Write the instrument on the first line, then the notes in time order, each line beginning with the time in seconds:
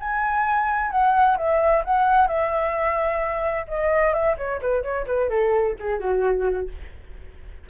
flute
0.00 G#5
0.91 F#5
1.37 E5
1.85 F#5
2.27 E5
3.68 D#5
4.13 E5
4.37 C#5
4.62 B4
4.83 C#5
5.07 B4
5.30 A4
5.79 G#4
6.00 F#4